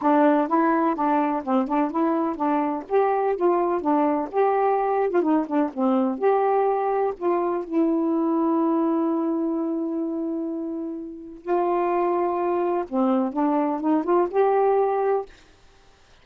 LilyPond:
\new Staff \with { instrumentName = "saxophone" } { \time 4/4 \tempo 4 = 126 d'4 e'4 d'4 c'8 d'8 | e'4 d'4 g'4 f'4 | d'4 g'4.~ g'16 f'16 dis'8 d'8 | c'4 g'2 f'4 |
e'1~ | e'1 | f'2. c'4 | d'4 dis'8 f'8 g'2 | }